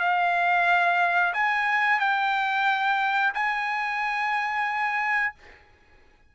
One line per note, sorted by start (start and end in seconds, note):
0.00 1.33 F5
1.34 2.00 G#5
2.00 3.33 G5
3.34 5.34 G#5